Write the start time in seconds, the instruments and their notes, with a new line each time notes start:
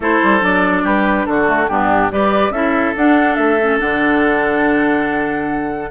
0.00 bassoon A3, clarinet E4, oboe A4, flute C5
0.23 bassoon G3
0.40 bassoon F#3, clarinet D4, flute D5
0.83 bassoon G3, oboe G4, flute B4
1.26 bassoon D3, oboe F#4, flute A4
1.46 clarinet A3
1.68 bassoon G2, clarinet B3, oboe D4, flute G4
2.11 bassoon G3, clarinet G4, oboe B4, flute D5
2.50 bassoon C#4, clarinet E4, oboe A4, flute E5
2.96 bassoon D4, clarinet D4, flute F#5
3.34 bassoon A3, flute E5
3.61 clarinet C#4
3.79 bassoon D3, clarinet D4, flute F#5